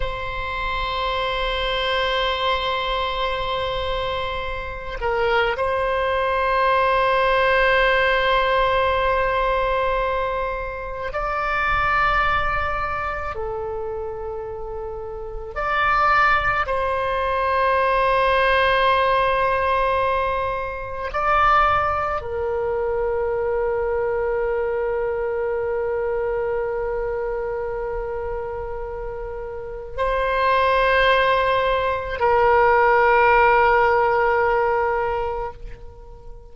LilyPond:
\new Staff \with { instrumentName = "oboe" } { \time 4/4 \tempo 4 = 54 c''1~ | c''8 ais'8 c''2.~ | c''2 d''2 | a'2 d''4 c''4~ |
c''2. d''4 | ais'1~ | ais'2. c''4~ | c''4 ais'2. | }